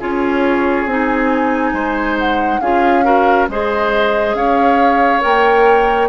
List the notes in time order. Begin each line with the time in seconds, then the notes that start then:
0.00 C#4 F4 G#4 C#5
0.86 C4 D#4 G#5
1.73 G#3 C5
2.19 F#5
2.61 C#4 F4 G#4 F5
3.04 F#4 A#4
3.49 G#3 G#4 C5 D#5
4.35 C#4 C#5 F5
5.21 A#3 A#4 G5